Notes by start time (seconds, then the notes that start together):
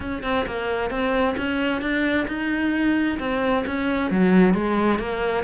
0.00 C#4
0.23 C4
0.46 A#3
0.90 C4
1.37 C#4
1.81 D4
2.27 D#4
3.19 C4
3.66 C#4
4.10 F#3
4.54 G#3
4.98 A#3